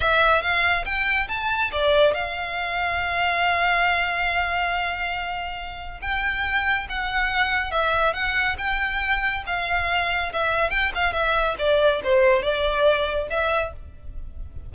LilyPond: \new Staff \with { instrumentName = "violin" } { \time 4/4 \tempo 4 = 140 e''4 f''4 g''4 a''4 | d''4 f''2.~ | f''1~ | f''2 g''2 |
fis''2 e''4 fis''4 | g''2 f''2 | e''4 g''8 f''8 e''4 d''4 | c''4 d''2 e''4 | }